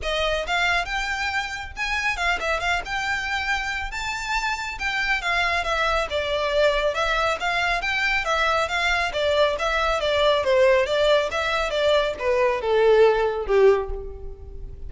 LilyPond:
\new Staff \with { instrumentName = "violin" } { \time 4/4 \tempo 4 = 138 dis''4 f''4 g''2 | gis''4 f''8 e''8 f''8 g''4.~ | g''4 a''2 g''4 | f''4 e''4 d''2 |
e''4 f''4 g''4 e''4 | f''4 d''4 e''4 d''4 | c''4 d''4 e''4 d''4 | b'4 a'2 g'4 | }